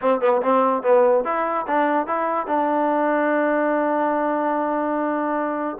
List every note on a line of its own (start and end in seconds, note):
0.01 0.21 C4
0.21 0.41 B3
0.41 0.83 C4
0.83 1.24 B3
1.24 1.66 E4
1.67 2.06 D4
2.06 2.46 E4
2.46 5.77 D4